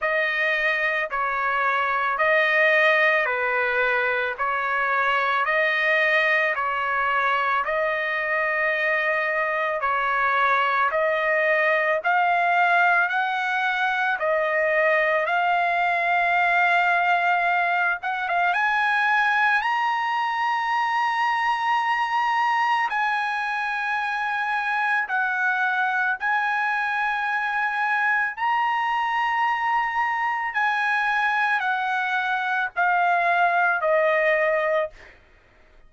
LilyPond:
\new Staff \with { instrumentName = "trumpet" } { \time 4/4 \tempo 4 = 55 dis''4 cis''4 dis''4 b'4 | cis''4 dis''4 cis''4 dis''4~ | dis''4 cis''4 dis''4 f''4 | fis''4 dis''4 f''2~ |
f''8 fis''16 f''16 gis''4 ais''2~ | ais''4 gis''2 fis''4 | gis''2 ais''2 | gis''4 fis''4 f''4 dis''4 | }